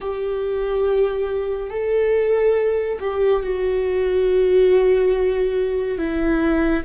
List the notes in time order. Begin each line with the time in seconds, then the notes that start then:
0.00 G4
1.69 A4
3.00 G4
3.42 F#4
5.98 E4